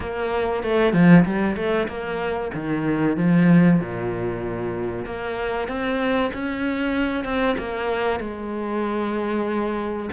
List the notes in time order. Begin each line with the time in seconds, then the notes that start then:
0.00 A#3
0.63 A3
0.93 F3
1.25 G3
1.56 A3
1.88 A#3
2.54 D#3
3.16 F3
3.80 A#2
5.05 A#3
5.68 C4
6.33 C#4
7.24 C4
7.58 A#3
8.20 G#3